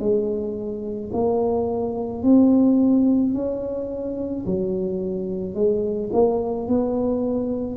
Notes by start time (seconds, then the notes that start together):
0.00 G#3
1.13 A#3
2.23 C4
3.34 C#4
4.46 F#3
5.55 G#3
6.13 A#3
6.68 B3